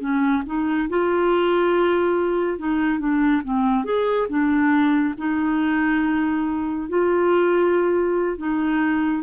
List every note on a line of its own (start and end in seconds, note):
0.00 0.43 C#4
0.46 0.89 D#4
0.89 2.58 F4
2.58 2.99 D#4
2.99 3.42 D4
3.44 3.85 C4
3.85 4.27 G#4
4.29 5.14 D4
5.18 6.89 D#4
6.89 8.37 F4
8.37 9.23 D#4